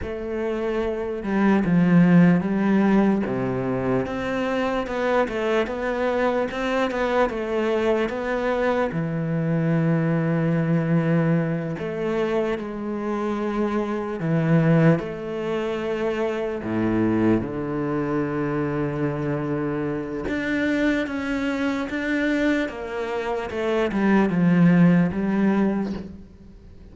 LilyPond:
\new Staff \with { instrumentName = "cello" } { \time 4/4 \tempo 4 = 74 a4. g8 f4 g4 | c4 c'4 b8 a8 b4 | c'8 b8 a4 b4 e4~ | e2~ e8 a4 gis8~ |
gis4. e4 a4.~ | a8 a,4 d2~ d8~ | d4 d'4 cis'4 d'4 | ais4 a8 g8 f4 g4 | }